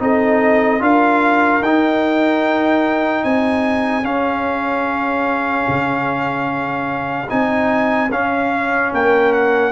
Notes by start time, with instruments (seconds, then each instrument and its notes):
0.00 tuba C4, trombone D#4, horn A4, trumpet D#5
0.80 tuba D4, trombone F4, horn A#4, trumpet F5
1.62 tuba D#4, trombone D#4, trumpet G5
3.24 tuba C4, horn G#4, trumpet G#5
4.04 trombone C#4, tuba C#4, trumpet F5
5.68 tuba C#3
7.29 tuba C4, trombone D#4, trumpet G#5
8.11 tuba C#4, trombone C#4, trumpet F5
8.93 tuba A#3, horn A#4, trumpet G5
9.33 trumpet F#5